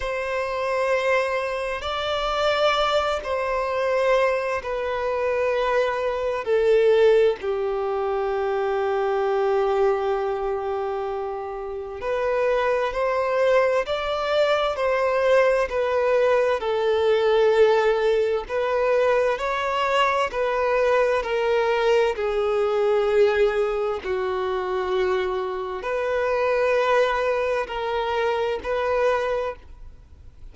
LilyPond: \new Staff \with { instrumentName = "violin" } { \time 4/4 \tempo 4 = 65 c''2 d''4. c''8~ | c''4 b'2 a'4 | g'1~ | g'4 b'4 c''4 d''4 |
c''4 b'4 a'2 | b'4 cis''4 b'4 ais'4 | gis'2 fis'2 | b'2 ais'4 b'4 | }